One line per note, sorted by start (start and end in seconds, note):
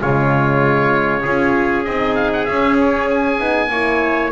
0.00 1.25 C#3
0.00 1.24 G#3
0.00 1.22 F4
0.00 1.84 C#5
1.22 1.86 C#4
1.22 1.86 F4
1.22 3.69 G#4
1.84 2.48 C4
1.84 2.48 D#4
1.84 2.15 D#5
2.15 2.30 F5
2.33 2.45 F#5
2.45 3.40 C#4
2.45 3.38 C#4
2.45 2.76 E5
2.80 3.10 C#5
3.10 4.31 G#5
3.38 3.69 B3
3.38 3.69 D#4
3.69 4.31 A#3
3.69 4.31 E4
3.69 4.31 C#5